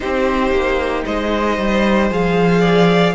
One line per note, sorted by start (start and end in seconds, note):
0.00 0.51 C4
0.00 2.10 D#4
0.00 1.04 G4
0.00 1.04 C5
0.51 1.03 A#3
1.04 1.57 G#3
1.04 2.60 C5
1.04 2.10 D#5
1.57 2.10 G3
2.10 3.14 F3
2.10 3.14 G#4
2.10 3.14 F5
2.60 3.12 D5